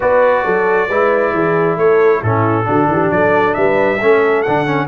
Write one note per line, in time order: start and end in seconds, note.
0.00 0.45 B3
0.00 0.89 F#4
0.00 0.44 B4
0.00 1.77 D5
0.44 0.88 F#3
0.44 0.88 A4
0.88 1.33 G#3
0.88 2.24 E4
0.88 1.32 B4
1.33 1.77 E3
1.33 1.78 G#4
1.77 2.21 A3
1.77 2.19 A4
1.77 2.22 C#5
2.19 2.66 A2
2.19 2.64 C#4
2.19 2.64 E4
2.19 3.10 A4
2.64 2.86 D3
2.64 3.98 D4
2.64 2.89 F#4
2.86 3.09 E3
2.86 3.14 G4
3.10 3.55 F#3
3.10 3.57 A4
3.10 3.54 D5
3.54 4.01 G3
3.54 3.98 B4
3.54 4.42 E5
3.98 4.45 A3
3.98 4.46 C#4
3.98 4.87 A4
4.42 4.88 D3
4.42 4.65 D4
4.42 4.86 F#5
4.65 4.88 C#4